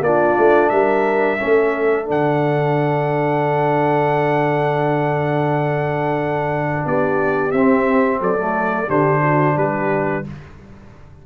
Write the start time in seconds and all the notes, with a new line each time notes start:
0.00 A#3 D4 F4 D5
0.37 A3
0.69 G3 A#4 E5
1.37 A3 C#4 A4
2.05 D3 D4 F#5
6.85 B3 G4 D5
7.51 C4 E5
7.57 C4
8.20 F#3 A4 D5
8.38 A3
8.87 D3 D4 G4 C5
9.22 F#4
9.56 G3 G4 B4